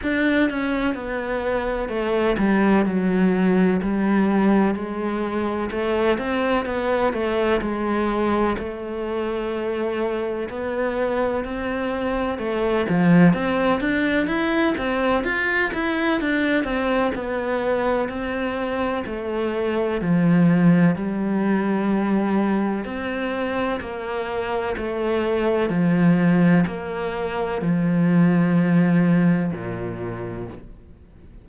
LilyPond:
\new Staff \with { instrumentName = "cello" } { \time 4/4 \tempo 4 = 63 d'8 cis'8 b4 a8 g8 fis4 | g4 gis4 a8 c'8 b8 a8 | gis4 a2 b4 | c'4 a8 f8 c'8 d'8 e'8 c'8 |
f'8 e'8 d'8 c'8 b4 c'4 | a4 f4 g2 | c'4 ais4 a4 f4 | ais4 f2 ais,4 | }